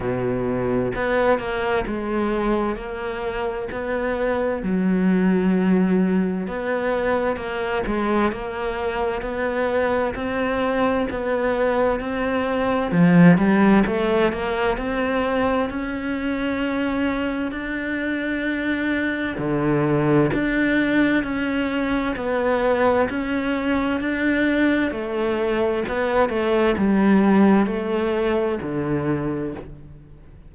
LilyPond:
\new Staff \with { instrumentName = "cello" } { \time 4/4 \tempo 4 = 65 b,4 b8 ais8 gis4 ais4 | b4 fis2 b4 | ais8 gis8 ais4 b4 c'4 | b4 c'4 f8 g8 a8 ais8 |
c'4 cis'2 d'4~ | d'4 d4 d'4 cis'4 | b4 cis'4 d'4 a4 | b8 a8 g4 a4 d4 | }